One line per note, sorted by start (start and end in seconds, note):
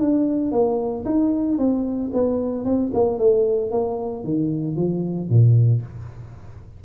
0.00 0.51 D4
0.51 1.04 A#3
1.05 1.58 D#4
1.58 2.11 C4
2.13 2.65 B3
2.65 2.91 C4
2.94 3.18 A#3
3.18 3.71 A3
3.71 4.24 A#3
4.24 4.76 D#3
4.76 5.29 F3
5.29 5.82 A#2